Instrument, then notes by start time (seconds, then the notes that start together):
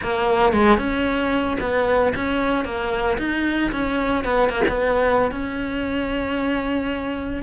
cello
0.02 A#3
0.52 G#3
0.77 C#4
1.60 B3
2.15 C#4
2.64 A#3
3.18 D#4
3.71 C#4
4.24 B3
4.49 A#3
4.67 B3
5.31 C#4